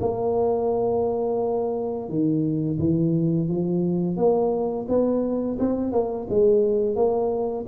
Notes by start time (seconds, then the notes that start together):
0.00 A#3
2.09 D#3
2.79 E3
3.49 F3
4.17 A#3
4.88 B3
5.59 C4
5.92 A#3
6.29 G#3
6.96 A#3